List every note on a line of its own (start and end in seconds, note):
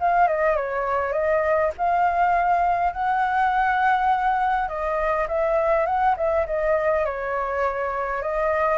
0.00 0.28 F5
0.28 0.56 D#5
0.56 1.12 C#5
1.12 1.71 D#5
1.77 2.93 F5
2.93 4.68 F#5
4.68 5.27 D#5
5.28 5.86 E5
5.86 6.15 F#5
6.17 6.46 E5
6.46 7.05 D#5
7.05 8.22 C#5
8.22 8.78 D#5